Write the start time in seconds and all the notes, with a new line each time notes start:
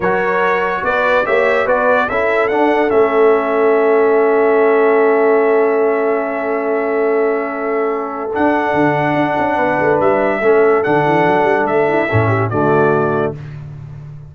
0.00 F#3 F#4 A#4 C#5
0.83 B3 B4 D5
1.24 A#3 G4 C#5 E5
1.65 B3 F#4 B4 D5
2.08 C#4 E4 A4 E5
2.48 D4 F#5
2.88 A3 C#4 E5
8.33 D4 F#5
8.73 D3
9.15 D4
9.38 C#4
9.55 B3 B4
9.79 A3
10.00 G3 E5
10.40 A3 C#4 A4
10.83 D3 D4 F#5
11.06 E3
11.26 F#3
11.43 G3
11.64 A3 E5
11.88 E4
12.09 A2 C#4 A4
12.27 G4
12.49 D3 A3 F#4 D5